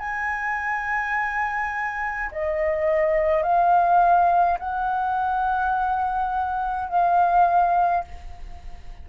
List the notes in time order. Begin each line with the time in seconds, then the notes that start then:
0.00 G#5
2.32 D#5
3.43 F5
4.59 F#5
6.89 F5